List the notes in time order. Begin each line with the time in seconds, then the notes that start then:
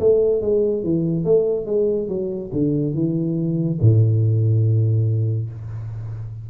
0.00 A3
0.41 G#3
0.83 E3
1.25 A3
1.66 G#3
2.08 F#3
2.53 D3
2.94 E3
3.81 A2